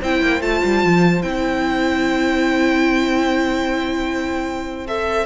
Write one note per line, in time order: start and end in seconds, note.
0.00 0.22 C4
0.00 0.41 E4
0.00 5.26 C5
0.00 0.42 G5
0.22 0.40 A#3
0.40 0.61 A3
0.40 1.22 F4
0.40 1.22 A5
0.64 0.84 G3
0.84 1.23 F3
1.22 5.26 C4
1.22 4.87 E4
1.22 4.87 G5
4.87 5.26 A4
4.87 5.26 E5